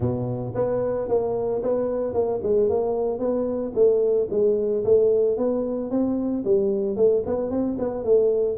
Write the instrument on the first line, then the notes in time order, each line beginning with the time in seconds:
tuba
0.00 B2
0.55 B3
1.08 A#3
1.62 B3
2.13 A#3
2.43 G#3
2.69 A#3
3.18 B3
3.74 A3
4.30 G#3
4.84 A3
5.37 B3
5.90 C4
6.44 G3
6.96 A3
7.26 B3
7.50 C4
7.78 B3
8.04 A3